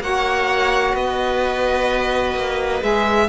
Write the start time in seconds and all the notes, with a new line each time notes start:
0.00 A#3 F#4 C#5 F#5
0.93 B3 B4 D#5
2.35 A#3
2.81 G#3 G#4 E5